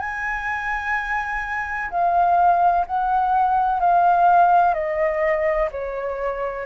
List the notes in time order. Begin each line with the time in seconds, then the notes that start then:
0.00 G#5
1.91 F5
2.87 F#5
3.81 F5
4.74 D#5
5.72 C#5